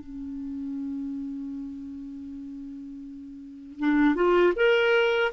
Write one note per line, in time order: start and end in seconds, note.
0.00 3.79 C#4
3.79 4.15 D4
4.15 4.53 F4
4.56 5.32 A#4